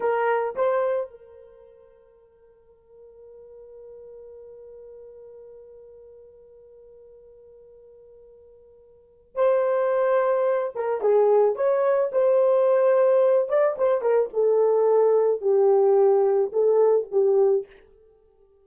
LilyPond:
\new Staff \with { instrumentName = "horn" } { \time 4/4 \tempo 4 = 109 ais'4 c''4 ais'2~ | ais'1~ | ais'1~ | ais'1~ |
ais'4 c''2~ c''8 ais'8 | gis'4 cis''4 c''2~ | c''8 d''8 c''8 ais'8 a'2 | g'2 a'4 g'4 | }